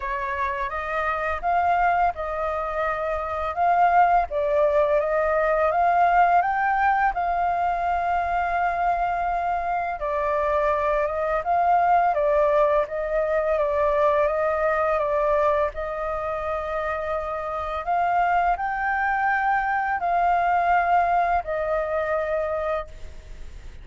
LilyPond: \new Staff \with { instrumentName = "flute" } { \time 4/4 \tempo 4 = 84 cis''4 dis''4 f''4 dis''4~ | dis''4 f''4 d''4 dis''4 | f''4 g''4 f''2~ | f''2 d''4. dis''8 |
f''4 d''4 dis''4 d''4 | dis''4 d''4 dis''2~ | dis''4 f''4 g''2 | f''2 dis''2 | }